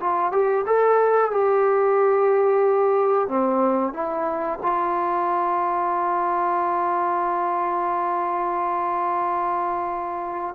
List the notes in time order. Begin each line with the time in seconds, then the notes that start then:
0.00 F4
0.32 G4
0.67 A4
1.31 G4
3.28 C4
3.94 E4
4.62 F4